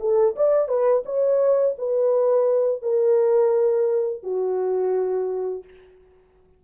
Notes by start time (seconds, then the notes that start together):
0.00 A4
0.36 D5
0.68 B4
1.06 C#5
1.78 B4
2.82 A#4
4.23 F#4